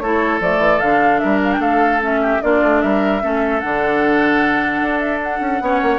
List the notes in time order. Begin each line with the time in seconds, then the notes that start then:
0.00 A3 E4 A4 C#5
0.41 F3 A3 D5
0.59 E3
0.81 D3 D4 F5
1.19 G3 A#4 E5
1.45 F5
1.53 A3 G5
1.61 A4 F5
2.01 C#4 E5
2.22 G4
2.42 A#3 D4 F4 D5
2.63 A3
2.82 G3 A#4 E5
3.22 A3 C#4 A4
3.60 D3 D4 F#5
4.82 D4
5.00 E5
5.23 F#5
5.41 C#4
5.61 B3 C#4 C#5
5.83 A#3